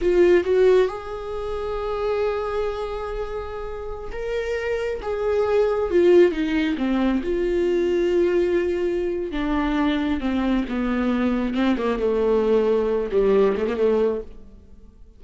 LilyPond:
\new Staff \with { instrumentName = "viola" } { \time 4/4 \tempo 4 = 135 f'4 fis'4 gis'2~ | gis'1~ | gis'4~ gis'16 ais'2 gis'8.~ | gis'4~ gis'16 f'4 dis'4 c'8.~ |
c'16 f'2.~ f'8.~ | f'4 d'2 c'4 | b2 c'8 ais8 a4~ | a4. g4 a16 ais16 a4 | }